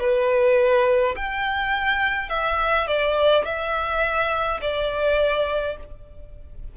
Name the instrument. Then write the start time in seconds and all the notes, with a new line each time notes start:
violin
0.00 B4
1.16 G5
2.30 E5
2.87 D5
3.45 E5
4.62 D5